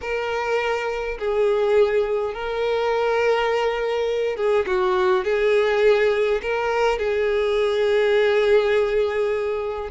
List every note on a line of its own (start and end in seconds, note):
0.01 1.18 A#4
1.18 2.34 G#4
2.34 4.36 A#4
4.36 4.65 G#4
4.66 5.24 F#4
5.24 6.41 G#4
6.42 6.98 A#4
6.98 9.89 G#4